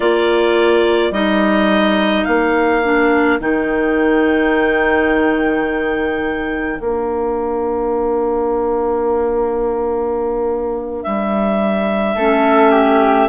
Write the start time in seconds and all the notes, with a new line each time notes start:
0.00 A#3 F4 A#4 D5
1.10 G3 D#4 D#5
2.25 A#3 F5
2.83 D4
3.40 D#3 D#4 G5
6.79 A#3 D4 F5
11.03 G3 E5
12.15 A3 C#4 A4
12.71 G4